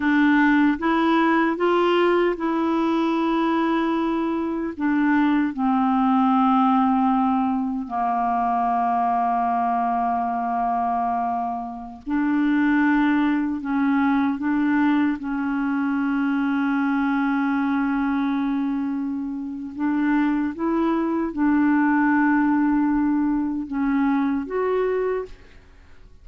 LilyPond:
\new Staff \with { instrumentName = "clarinet" } { \time 4/4 \tempo 4 = 76 d'4 e'4 f'4 e'4~ | e'2 d'4 c'4~ | c'2 ais2~ | ais2.~ ais16 d'8.~ |
d'4~ d'16 cis'4 d'4 cis'8.~ | cis'1~ | cis'4 d'4 e'4 d'4~ | d'2 cis'4 fis'4 | }